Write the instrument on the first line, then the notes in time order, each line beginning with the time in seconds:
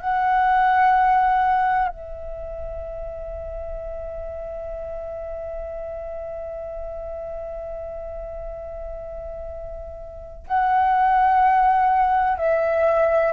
flute
0.00 F#5
1.88 E5
10.48 F#5
12.38 E5